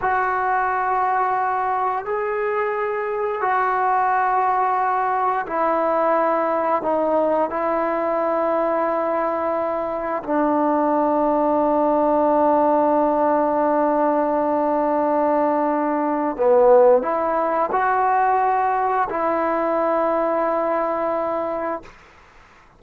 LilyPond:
\new Staff \with { instrumentName = "trombone" } { \time 4/4 \tempo 4 = 88 fis'2. gis'4~ | gis'4 fis'2. | e'2 dis'4 e'4~ | e'2. d'4~ |
d'1~ | d'1 | b4 e'4 fis'2 | e'1 | }